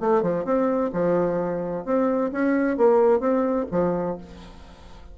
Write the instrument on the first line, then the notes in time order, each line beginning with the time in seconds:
bassoon
0.00 A3
0.22 F3
0.45 C4
0.93 F3
1.85 C4
2.32 C#4
2.77 A#3
3.20 C4
3.72 F3